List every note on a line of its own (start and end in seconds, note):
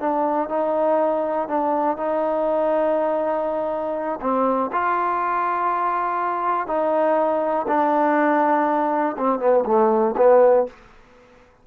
0.00 0.49 D4
0.49 1.49 D#4
1.49 1.97 D4
1.97 4.20 D#4
4.21 4.71 C4
4.73 6.67 F4
6.67 7.67 D#4
7.68 9.17 D4
9.18 9.40 C4
9.40 9.65 B3
9.66 10.15 A3
10.17 10.67 B3